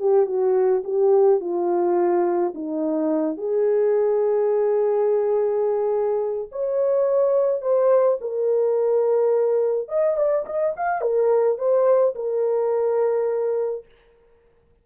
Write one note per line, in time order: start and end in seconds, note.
0.00 0.27 G4
0.27 0.83 F#4
0.84 1.40 G4
1.40 2.54 F4
2.54 3.37 D#4
3.37 6.49 G#4
6.52 7.62 C#5
7.62 8.18 C5
8.21 9.89 A#4
9.89 10.17 D#5
10.17 10.46 D5
10.46 10.74 D#5
10.76 11.01 F5
11.01 11.58 A#4
11.58 12.15 C5
12.15 13.85 A#4